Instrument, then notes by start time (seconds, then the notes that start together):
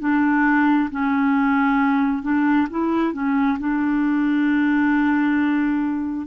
clarinet
0.00 D4
0.91 C#4
2.23 D4
2.70 E4
3.13 C#4
3.59 D4